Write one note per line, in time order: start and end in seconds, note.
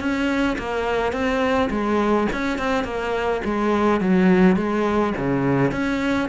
0.00 0.57 C#4
0.58 1.13 A#3
1.13 1.70 C4
1.71 2.28 G#3
2.33 2.58 C#4
2.58 2.84 C4
2.84 3.41 A#3
3.45 4.01 G#3
4.01 4.56 F#3
4.56 5.14 G#3
5.18 5.72 C#3
5.72 6.29 C#4